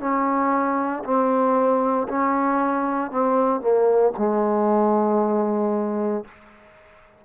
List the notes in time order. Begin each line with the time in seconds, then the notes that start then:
0.00 C#4
1.04 C4
2.08 C#4
3.11 C4
3.60 A#3
4.18 G#3